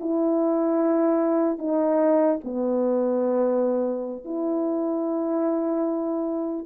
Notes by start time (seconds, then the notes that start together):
0.00 E4
1.58 D#4
2.44 B3
4.25 E4